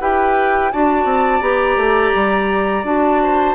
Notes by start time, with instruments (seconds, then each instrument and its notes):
0.00 bassoon E4, clarinet G4, oboe B4, flute G5
0.72 bassoon D4, clarinet F#4, oboe D5, flute A5
1.04 bassoon C4
1.40 bassoon B3, clarinet G4, flute A#5
1.76 bassoon A3
2.14 bassoon G3
2.83 bassoon D4, clarinet F#4, flute A5
3.22 oboe C5